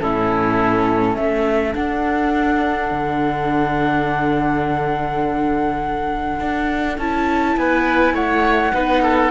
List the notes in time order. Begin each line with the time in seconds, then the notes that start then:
0.00 A2 C#4 E4 A4
1.15 A3 A4 E5
1.74 D4 F#5
2.91 D3
6.40 D4
6.98 C#4 E4 A5
7.57 B3 B4 G#5
8.13 A3 C#5 F#5
8.73 B3 D#4 B4
9.03 A4